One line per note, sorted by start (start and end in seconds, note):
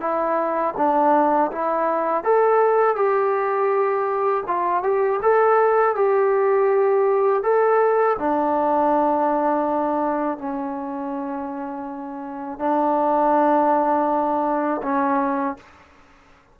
0.00 0.74 E4
0.77 1.51 D4
1.52 2.24 E4
2.24 2.96 A4
2.96 4.44 G4
4.47 4.83 F4
4.83 5.20 G4
5.22 5.95 A4
5.95 7.43 G4
7.43 8.17 A4
8.19 10.38 D4
10.38 12.59 C#4
12.59 14.81 D4
14.82 15.56 C#4